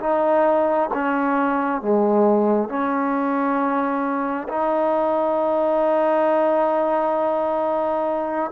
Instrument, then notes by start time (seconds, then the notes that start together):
trombone
0.00 D#4
0.94 C#4
1.82 G#3
2.69 C#4
4.48 D#4